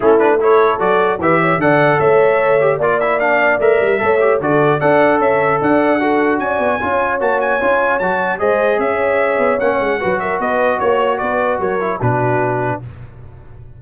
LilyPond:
<<
  \new Staff \with { instrumentName = "trumpet" } { \time 4/4 \tempo 4 = 150 a'8 b'8 cis''4 d''4 e''4 | fis''4 e''2 d''8 e''8 | f''4 e''2 d''4 | fis''4 e''4 fis''2 |
gis''2 a''8 gis''4. | a''4 dis''4 e''2 | fis''4. e''8 dis''4 cis''4 | d''4 cis''4 b'2 | }
  \new Staff \with { instrumentName = "horn" } { \time 4/4 e'4 a'2 b'8 cis''8 | d''4 cis''2 d''4~ | d''2 cis''4 a'4 | d''4 cis''4 d''4 a'4 |
d''4 cis''2.~ | cis''4 c''4 cis''2~ | cis''4 b'8 ais'8 b'4 cis''4 | b'4 ais'4 fis'2 | }
  \new Staff \with { instrumentName = "trombone" } { \time 4/4 cis'8 d'8 e'4 fis'4 g'4 | a'2~ a'8 g'8 f'8 e'8 | d'4 ais'4 a'8 g'8 fis'4 | a'2. fis'4~ |
fis'4 f'4 fis'4 f'4 | fis'4 gis'2. | cis'4 fis'2.~ | fis'4. e'8 d'2 | }
  \new Staff \with { instrumentName = "tuba" } { \time 4/4 a2 fis4 e4 | d4 a2 ais4~ | ais4 a8 g8 a4 d4 | d'4 cis'4 d'2 |
cis'8 b8 cis'4 ais4 cis'4 | fis4 gis4 cis'4. b8 | ais8 gis8 fis4 b4 ais4 | b4 fis4 b,2 | }
>>